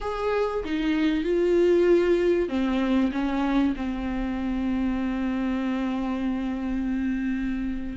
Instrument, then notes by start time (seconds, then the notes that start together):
viola
0.01 G#4
0.64 D#4
1.23 F4
2.48 C4
3.11 C#4
3.76 C4